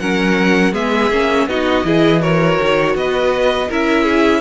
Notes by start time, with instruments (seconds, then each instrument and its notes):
0.00 cello F#3, viola C#4, violin A#4 F#5
0.73 cello G#3, viola B3, violin G#4 E5
1.11 cello A#3, viola C#4
1.47 cello B3, viola D#4, violin F#4 D#5
1.85 cello E3, viola E4, violin G#4
2.20 viola F#4, violin A#4 C#5
2.62 cello D#3
2.95 cello B3, violin B4 D#5
3.69 cello C#4, viola E4, violin A#4 E5
4.04 violin G#4